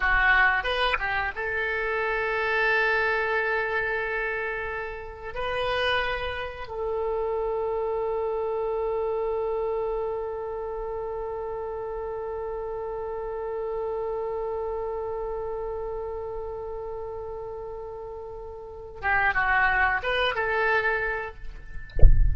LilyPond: \new Staff \with { instrumentName = "oboe" } { \time 4/4 \tempo 4 = 90 fis'4 b'8 g'8 a'2~ | a'1 | b'2 a'2~ | a'1~ |
a'1~ | a'1~ | a'1~ | a'8 g'8 fis'4 b'8 a'4. | }